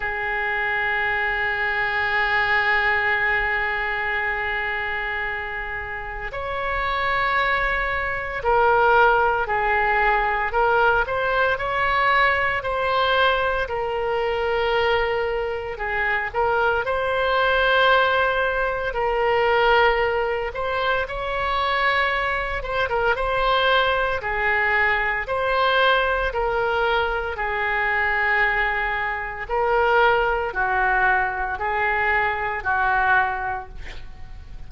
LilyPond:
\new Staff \with { instrumentName = "oboe" } { \time 4/4 \tempo 4 = 57 gis'1~ | gis'2 cis''2 | ais'4 gis'4 ais'8 c''8 cis''4 | c''4 ais'2 gis'8 ais'8 |
c''2 ais'4. c''8 | cis''4. c''16 ais'16 c''4 gis'4 | c''4 ais'4 gis'2 | ais'4 fis'4 gis'4 fis'4 | }